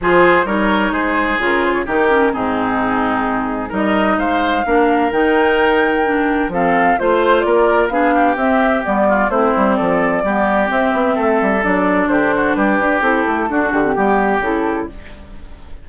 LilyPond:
<<
  \new Staff \with { instrumentName = "flute" } { \time 4/4 \tempo 4 = 129 c''4 cis''4 c''4 ais'8 c''16 cis''16 | ais'4 gis'2. | dis''4 f''2 g''4~ | g''2 f''4 c''4 |
d''4 f''4 e''4 d''4 | c''4 d''2 e''4~ | e''4 d''4 c''4 b'4 | a'4. g'4. a'4 | }
  \new Staff \with { instrumentName = "oboe" } { \time 4/4 gis'4 ais'4 gis'2 | g'4 dis'2. | ais'4 c''4 ais'2~ | ais'2 a'4 c''4 |
ais'4 gis'8 g'2 f'8 | e'4 a'4 g'2 | a'2 g'8 fis'8 g'4~ | g'4 fis'4 g'2 | }
  \new Staff \with { instrumentName = "clarinet" } { \time 4/4 f'4 dis'2 f'4 | dis'8 cis'8 c'2. | dis'2 d'4 dis'4~ | dis'4 d'4 c'4 f'4~ |
f'4 d'4 c'4 b4 | c'2 b4 c'4~ | c'4 d'2. | e'4 d'8. c'16 b4 e'4 | }
  \new Staff \with { instrumentName = "bassoon" } { \time 4/4 f4 g4 gis4 cis4 | dis4 gis,2. | g4 gis4 ais4 dis4~ | dis2 f4 a4 |
ais4 b4 c'4 g4 | a8 g8 f4 g4 c'8 b8 | a8 g8 fis4 d4 g8 d'8 | c'8 a8 d'8 d8 g4 cis4 | }
>>